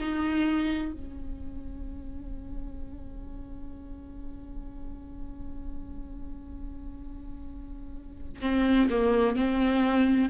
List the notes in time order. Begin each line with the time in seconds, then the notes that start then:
0.00 D#4
0.92 C#4
8.42 C4
8.90 A#3
9.36 C4